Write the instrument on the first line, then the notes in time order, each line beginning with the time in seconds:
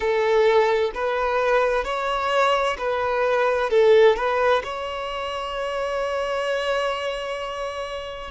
violin
0.00 A4
0.94 B4
1.84 C#5
2.78 B4
3.69 A4
4.16 B4
4.63 C#5